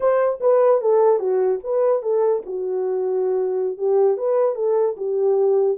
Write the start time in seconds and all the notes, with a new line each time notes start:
0.00 C5
0.40 B4
0.81 A4
1.19 F#4
1.63 B4
2.02 A4
2.46 F#4
3.77 G4
4.17 B4
4.55 A4
4.96 G4